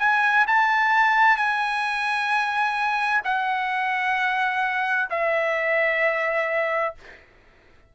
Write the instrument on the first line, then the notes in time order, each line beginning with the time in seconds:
trumpet
0.00 G#5
0.47 A5
1.37 G#5
3.25 F#5
5.11 E5